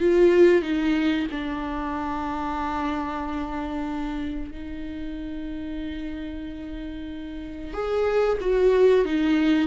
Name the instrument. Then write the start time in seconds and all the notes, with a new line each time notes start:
viola
0.00 F4
0.62 D#4
1.31 D4
4.51 D#4
7.74 G#4
8.41 F#4
9.06 D#4